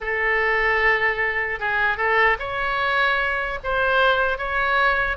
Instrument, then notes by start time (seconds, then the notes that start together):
oboe
0.01 A4
1.59 G#4
1.97 A4
2.39 C#5
3.63 C5
4.38 C#5